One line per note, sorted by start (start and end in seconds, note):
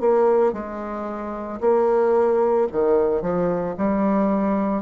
0.00 0.53 A#3
0.53 1.60 G#3
1.61 2.68 A#3
2.72 3.21 D#3
3.21 3.75 F3
3.78 4.82 G3